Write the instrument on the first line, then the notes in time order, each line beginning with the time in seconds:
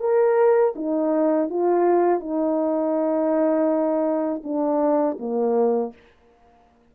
horn
0.00 A#4
0.75 D#4
1.49 F4
2.20 D#4
4.43 D4
5.19 A#3